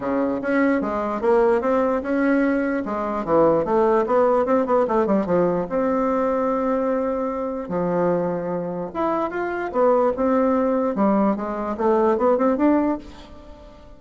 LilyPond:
\new Staff \with { instrumentName = "bassoon" } { \time 4/4 \tempo 4 = 148 cis4 cis'4 gis4 ais4 | c'4 cis'2 gis4 | e4 a4 b4 c'8 b8 | a8 g8 f4 c'2~ |
c'2. f4~ | f2 e'4 f'4 | b4 c'2 g4 | gis4 a4 b8 c'8 d'4 | }